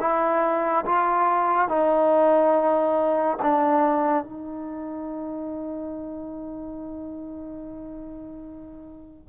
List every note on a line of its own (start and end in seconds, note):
0.00 0.85 E4
0.85 1.68 F4
1.68 3.37 D#4
3.42 4.24 D4
4.24 9.29 D#4